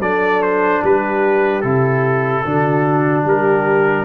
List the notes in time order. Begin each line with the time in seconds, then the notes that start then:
0.00 F#3 D4 A4 D5
0.42 C5
0.83 G3 G4 B4
1.61 C3 E4 A4
2.45 D3 D4 F#4
3.25 G3 G4 A#4